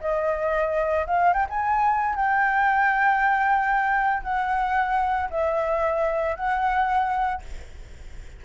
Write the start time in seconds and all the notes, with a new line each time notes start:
0.00 D#5
1.07 F5
1.33 G5
1.49 G#5
2.15 G5
4.23 F#5
5.30 E5
6.35 F#5